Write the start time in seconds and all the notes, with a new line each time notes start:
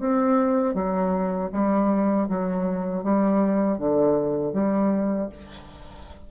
0.00 C4
0.75 F#3
1.53 G3
2.29 F#3
3.04 G3
3.78 D3
4.54 G3